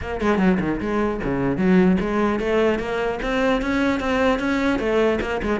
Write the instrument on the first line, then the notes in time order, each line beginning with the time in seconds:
cello
0.01 A#3
0.20 G#3
0.38 F#3
0.59 D#3
0.80 G#3
1.23 C#3
1.57 F#3
2.00 G#3
2.39 A3
2.79 A#3
3.22 C4
3.61 C#4
4.00 C4
4.39 C#4
4.79 A3
5.21 A#3
5.42 G#3